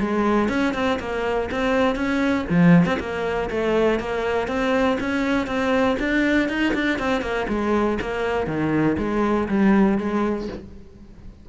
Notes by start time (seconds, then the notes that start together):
0.00 G#3
0.49 C#4
0.74 C4
1.00 A#3
1.51 C4
1.96 C#4
2.50 F3
2.85 C4
3.00 A#3
3.50 A3
4.00 A#3
4.47 C4
5.00 C#4
5.47 C4
5.99 D4
6.49 D#4
6.74 D4
6.99 C4
7.22 A#3
7.48 G#3
8.01 A#3
8.47 D#3
8.98 G#3
9.48 G3
9.98 G#3